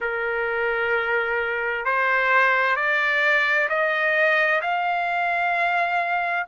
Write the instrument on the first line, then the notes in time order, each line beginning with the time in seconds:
trumpet
0.00 A#4
1.85 C5
2.76 D5
3.69 D#5
4.62 F5